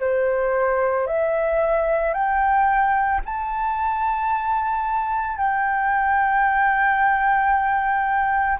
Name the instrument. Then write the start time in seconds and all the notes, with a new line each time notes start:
flute
0.00 C5
1.07 E5
2.14 G5
3.25 A5
5.37 G5